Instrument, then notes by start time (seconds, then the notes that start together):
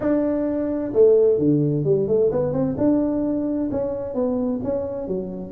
tuba
0.00 D4
0.93 A3
1.38 D3
1.84 G3
2.07 A3
2.31 B3
2.53 C4
2.77 D4
3.71 C#4
4.14 B3
4.63 C#4
5.07 F#3